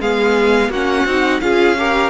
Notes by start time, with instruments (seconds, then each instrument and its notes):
0.00 cello G#3, viola B3, violin G#4 F5
0.69 cello A#3, viola C#4, violin F#4 F#5
1.05 cello C4, viola D#4
1.41 cello C#4, viola F4, violin G#4 F5
1.79 viola G4, violin A#4